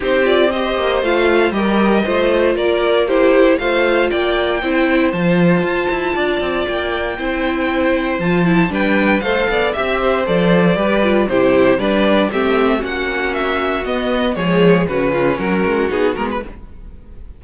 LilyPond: <<
  \new Staff \with { instrumentName = "violin" } { \time 4/4 \tempo 4 = 117 c''8 d''8 dis''4 f''4 dis''4~ | dis''4 d''4 c''4 f''4 | g''2 a''2~ | a''4 g''2. |
a''4 g''4 f''4 e''4 | d''2 c''4 d''4 | e''4 fis''4 e''4 dis''4 | cis''4 b'4 ais'4 gis'8 ais'16 b'16 | }
  \new Staff \with { instrumentName = "violin" } { \time 4/4 g'4 c''2 ais'4 | c''4 ais'4 g'4 c''4 | d''4 c''2. | d''2 c''2~ |
c''4 b'4 c''8 d''8 e''8 c''8~ | c''4 b'4 g'4 b'4 | g'4 fis'2. | gis'4 fis'8 f'8 fis'2 | }
  \new Staff \with { instrumentName = "viola" } { \time 4/4 dis'8 f'8 g'4 f'4 g'4 | f'2 e'4 f'4~ | f'4 e'4 f'2~ | f'2 e'2 |
f'8 e'8 d'4 a'4 g'4 | a'4 g'8 f'8 e'4 d'4 | c'4 cis'2 b4 | gis4 cis'2 dis'8 b8 | }
  \new Staff \with { instrumentName = "cello" } { \time 4/4 c'4. ais8 a4 g4 | a4 ais2 a4 | ais4 c'4 f4 f'8 e'8 | d'8 c'8 ais4 c'2 |
f4 g4 a8 b8 c'4 | f4 g4 c4 g4 | a4 ais2 b4 | f4 cis4 fis8 gis8 b8 gis8 | }
>>